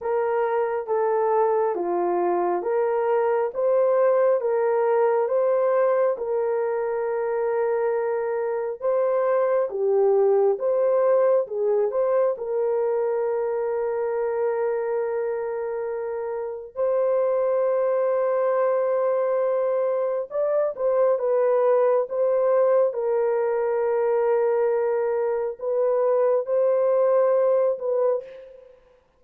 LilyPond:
\new Staff \with { instrumentName = "horn" } { \time 4/4 \tempo 4 = 68 ais'4 a'4 f'4 ais'4 | c''4 ais'4 c''4 ais'4~ | ais'2 c''4 g'4 | c''4 gis'8 c''8 ais'2~ |
ais'2. c''4~ | c''2. d''8 c''8 | b'4 c''4 ais'2~ | ais'4 b'4 c''4. b'8 | }